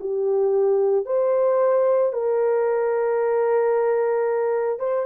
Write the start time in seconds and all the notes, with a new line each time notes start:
0.00 G4
1.05 C5
2.13 A#4
4.79 C5